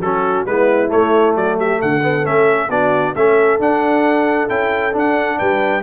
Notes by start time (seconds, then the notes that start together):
0.00 F#3 C#4 F#4 A4
0.46 G#3 B3 E4 B4
0.88 A3 C#5
0.94 A3
1.36 F#3 F#4 D5
1.57 G4 E5
1.81 D3 A4 F#5
2.03 B3
2.24 A3 C#4 E5
2.69 B3 D4 F#4 D5
3.14 A3 C#4 A4 E5
3.59 D4 F#5
4.49 C#4 E4 G5
4.92 D4
4.98 F#5
5.38 G3 B4 G5